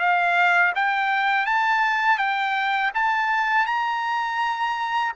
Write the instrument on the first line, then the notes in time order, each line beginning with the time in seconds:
trumpet
0.00 F5
0.76 G5
1.46 A5
2.19 G5
2.95 A5
3.67 A#5